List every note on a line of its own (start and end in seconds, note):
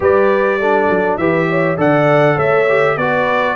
0.00 0.88 G3
0.00 0.59 G4
0.00 0.59 B4
0.00 1.17 D5
0.59 1.19 D4
0.59 1.19 A4
0.89 1.18 F#3
1.17 1.77 E3
1.17 1.77 G4
1.17 1.48 B4
1.17 1.76 E5
1.49 1.78 C#5
1.77 2.37 D3
1.77 2.66 A4
1.77 2.35 D5
1.77 2.38 F#5
2.35 2.96 A3
2.35 2.94 C#5
2.35 2.97 E5
2.68 2.98 G4
2.96 3.55 B3
2.96 3.55 F#4
2.96 3.55 B4
2.96 3.55 D5